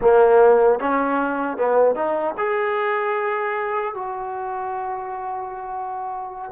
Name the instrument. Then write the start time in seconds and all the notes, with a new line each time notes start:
trombone
0.01 A#3
0.79 C#4
1.57 B3
1.95 D#4
2.37 G#4
3.94 F#4